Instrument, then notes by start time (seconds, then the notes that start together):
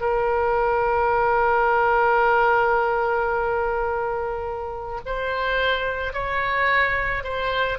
oboe
0.00 A#4
5.05 C5
6.13 C#5
7.23 C5